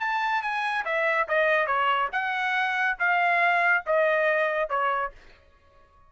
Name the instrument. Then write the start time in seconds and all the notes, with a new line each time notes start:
trumpet
0.00 A5
0.42 G#5
0.85 E5
1.28 D#5
1.67 C#5
2.12 F#5
2.99 F5
3.86 D#5
4.69 C#5